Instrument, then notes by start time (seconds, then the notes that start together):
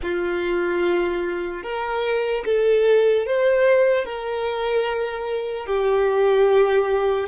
violin
0.02 F4
1.62 A#4
2.45 A4
3.26 C5
4.05 A#4
5.66 G4